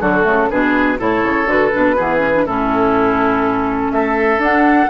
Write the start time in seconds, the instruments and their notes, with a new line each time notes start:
0.00 bassoon D3, clarinet F#3, oboe F#4, flute A4
0.23 bassoon C#3, clarinet A3
0.50 bassoon B2, clarinet D4, oboe G#4, flute B4
0.98 bassoon A2, clarinet E4, oboe A4, flute C#5
1.23 bassoon C#3
1.46 bassoon D3, clarinet F#4, flute B4
1.71 bassoon B2, clarinet D4
1.96 bassoon E3, clarinet B3, oboe G#4
2.17 clarinet C#4
2.34 clarinet D4
2.45 bassoon A2, clarinet C#4, oboe E4, flute A4
3.91 bassoon A3, oboe A4, flute E5
4.37 bassoon D4, clarinet D4, flute F#5